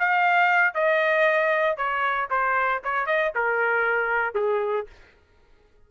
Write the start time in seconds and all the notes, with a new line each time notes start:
0.00 F5
0.75 D#5
1.77 C#5
2.31 C5
2.84 C#5
3.07 D#5
3.36 A#4
4.35 G#4